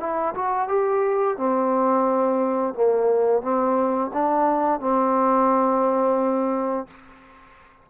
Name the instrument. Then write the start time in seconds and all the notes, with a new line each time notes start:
trombone
0.00 E4
0.35 F#4
0.68 G4
1.37 C4
2.74 A#3
3.42 C4
4.13 D4
4.81 C4